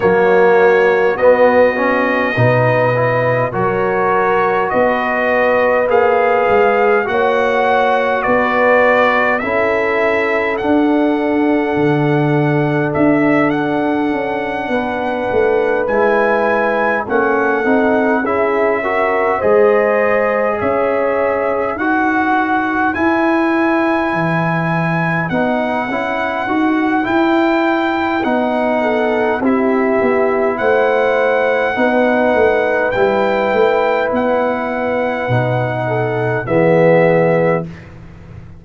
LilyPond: <<
  \new Staff \with { instrumentName = "trumpet" } { \time 4/4 \tempo 4 = 51 cis''4 dis''2 cis''4 | dis''4 f''4 fis''4 d''4 | e''4 fis''2 e''8 fis''8~ | fis''4. gis''4 fis''4 e''8~ |
e''8 dis''4 e''4 fis''4 gis''8~ | gis''4. fis''4. g''4 | fis''4 e''4 fis''2 | g''4 fis''2 e''4 | }
  \new Staff \with { instrumentName = "horn" } { \time 4/4 fis'2 b'4 ais'4 | b'2 cis''4 b'4 | a'1~ | a'8 b'2 a'4 gis'8 |
ais'8 c''4 cis''4 b'4.~ | b'1~ | b'8 a'8 g'4 c''4 b'4~ | b'2~ b'8 a'8 gis'4 | }
  \new Staff \with { instrumentName = "trombone" } { \time 4/4 ais4 b8 cis'8 dis'8 e'8 fis'4~ | fis'4 gis'4 fis'2 | e'4 d'2.~ | d'4. e'4 cis'8 dis'8 e'8 |
fis'8 gis'2 fis'4 e'8~ | e'4. dis'8 e'8 fis'8 e'4 | dis'4 e'2 dis'4 | e'2 dis'4 b4 | }
  \new Staff \with { instrumentName = "tuba" } { \time 4/4 fis4 b4 b,4 fis4 | b4 ais8 gis8 ais4 b4 | cis'4 d'4 d4 d'4 | cis'8 b8 a8 gis4 ais8 c'8 cis'8~ |
cis'8 gis4 cis'4 dis'4 e'8~ | e'8 e4 b8 cis'8 dis'8 e'4 | b4 c'8 b8 a4 b8 a8 | g8 a8 b4 b,4 e4 | }
>>